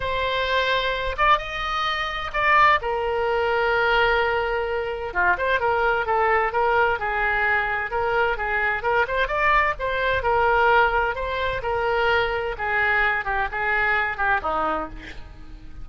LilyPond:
\new Staff \with { instrumentName = "oboe" } { \time 4/4 \tempo 4 = 129 c''2~ c''8 d''8 dis''4~ | dis''4 d''4 ais'2~ | ais'2. f'8 c''8 | ais'4 a'4 ais'4 gis'4~ |
gis'4 ais'4 gis'4 ais'8 c''8 | d''4 c''4 ais'2 | c''4 ais'2 gis'4~ | gis'8 g'8 gis'4. g'8 dis'4 | }